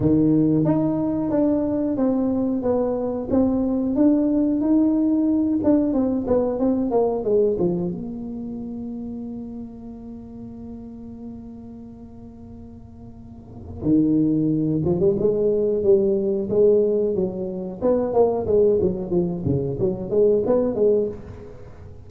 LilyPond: \new Staff \with { instrumentName = "tuba" } { \time 4/4 \tempo 4 = 91 dis4 dis'4 d'4 c'4 | b4 c'4 d'4 dis'4~ | dis'8 d'8 c'8 b8 c'8 ais8 gis8 f8 | ais1~ |
ais1~ | ais4 dis4. f16 g16 gis4 | g4 gis4 fis4 b8 ais8 | gis8 fis8 f8 cis8 fis8 gis8 b8 gis8 | }